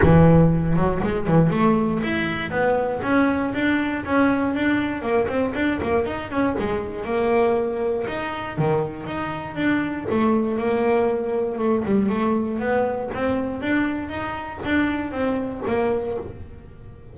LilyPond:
\new Staff \with { instrumentName = "double bass" } { \time 4/4 \tempo 4 = 119 e4. fis8 gis8 e8 a4 | e'4 b4 cis'4 d'4 | cis'4 d'4 ais8 c'8 d'8 ais8 | dis'8 cis'8 gis4 ais2 |
dis'4 dis4 dis'4 d'4 | a4 ais2 a8 g8 | a4 b4 c'4 d'4 | dis'4 d'4 c'4 ais4 | }